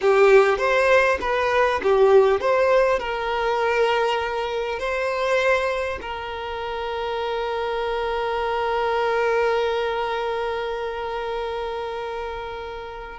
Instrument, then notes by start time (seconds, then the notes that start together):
violin
0.01 G4
0.58 C5
1.21 B4
1.82 G4
2.40 C5
2.99 A#4
4.79 C5
6.01 A#4